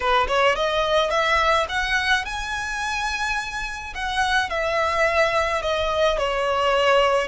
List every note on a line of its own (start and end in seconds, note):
0.00 0.27 B4
0.27 0.55 C#5
0.55 1.10 D#5
1.10 1.66 E5
1.68 2.25 F#5
2.25 3.93 G#5
3.94 4.49 F#5
4.49 5.62 E5
5.62 6.17 D#5
6.17 7.27 C#5